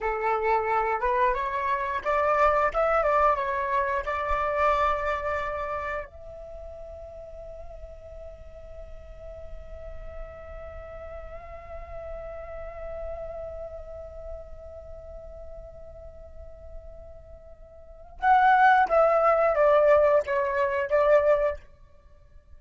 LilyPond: \new Staff \with { instrumentName = "flute" } { \time 4/4 \tempo 4 = 89 a'4. b'8 cis''4 d''4 | e''8 d''8 cis''4 d''2~ | d''4 e''2.~ | e''1~ |
e''1~ | e''1~ | e''2. fis''4 | e''4 d''4 cis''4 d''4 | }